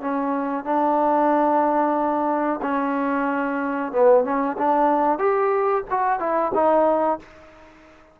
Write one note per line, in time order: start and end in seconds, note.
0.00 0.64 C#4
0.64 2.60 D4
2.61 3.92 C#4
3.92 4.24 B3
4.24 4.56 C#4
4.57 5.18 D4
5.18 5.83 G4
5.90 6.19 F#4
6.19 6.52 E4
6.54 7.19 D#4